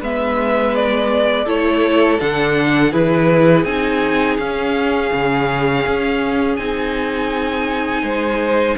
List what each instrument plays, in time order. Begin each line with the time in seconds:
0.00 cello G#3, viola B3, violin B4 E5
0.75 violin D5
1.45 cello A3, viola E4, violin A4 C#5
2.20 cello D3, viola D4, violin F#5
2.91 cello E3, viola E4, violin G#4 B4
3.64 cello C4, viola D#4, violin G#5
4.37 cello C#4, viola C#4, violin F5
5.13 cello C#3
5.87 cello C#4
6.57 cello C4, viola D#4, violin G#5
8.02 cello G#3, violin C5